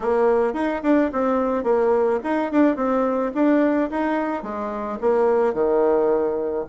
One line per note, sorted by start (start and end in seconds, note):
0.00 0.53 A#3
0.53 0.81 D#4
0.83 1.10 D4
1.12 1.63 C4
1.63 2.19 A#3
2.23 2.51 D#4
2.52 2.76 D4
2.76 3.31 C4
3.34 3.90 D4
3.90 4.42 D#4
4.42 4.98 G#3
5.00 5.53 A#3
5.53 6.64 D#3